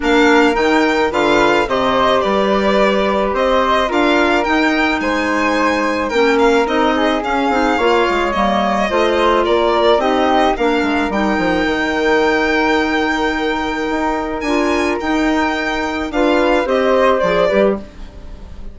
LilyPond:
<<
  \new Staff \with { instrumentName = "violin" } { \time 4/4 \tempo 4 = 108 f''4 g''4 f''4 dis''4 | d''2 dis''4 f''4 | g''4 gis''2 g''8 f''8 | dis''4 f''2 dis''4~ |
dis''4 d''4 dis''4 f''4 | g''1~ | g''2 gis''4 g''4~ | g''4 f''4 dis''4 d''4 | }
  \new Staff \with { instrumentName = "flute" } { \time 4/4 ais'2 b'4 c''4 | b'2 c''4 ais'4~ | ais'4 c''2 ais'4~ | ais'8 gis'4. cis''2 |
c''4 ais'4 g'4 ais'4~ | ais'1~ | ais'1~ | ais'4 b'4 c''4. b'8 | }
  \new Staff \with { instrumentName = "clarinet" } { \time 4/4 d'4 dis'4 f'4 g'4~ | g'2. f'4 | dis'2. cis'4 | dis'4 cis'8 dis'8 f'4 ais4 |
f'2 dis'4 d'4 | dis'1~ | dis'2 f'4 dis'4~ | dis'4 f'4 g'4 gis'8 g'8 | }
  \new Staff \with { instrumentName = "bassoon" } { \time 4/4 ais4 dis4 d4 c4 | g2 c'4 d'4 | dis'4 gis2 ais4 | c'4 cis'8 c'8 ais8 gis8 g4 |
a4 ais4 c'4 ais8 gis8 | g8 f8 dis2.~ | dis4 dis'4 d'4 dis'4~ | dis'4 d'4 c'4 f8 g8 | }
>>